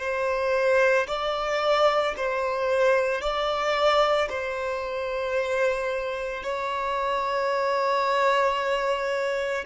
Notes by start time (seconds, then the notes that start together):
0.00 C5
1.08 D5
2.17 C5
3.21 D5
4.30 C5
6.43 C#5